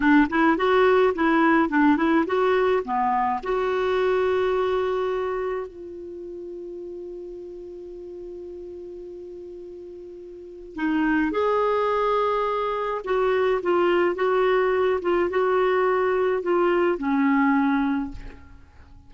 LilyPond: \new Staff \with { instrumentName = "clarinet" } { \time 4/4 \tempo 4 = 106 d'8 e'8 fis'4 e'4 d'8 e'8 | fis'4 b4 fis'2~ | fis'2 f'2~ | f'1~ |
f'2. dis'4 | gis'2. fis'4 | f'4 fis'4. f'8 fis'4~ | fis'4 f'4 cis'2 | }